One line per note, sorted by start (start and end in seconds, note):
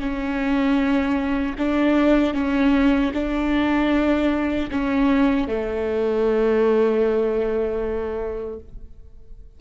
0.00 1.56 C#4
1.58 2.34 D4
2.34 3.12 C#4
3.14 4.70 D4
4.71 5.48 C#4
5.48 8.60 A3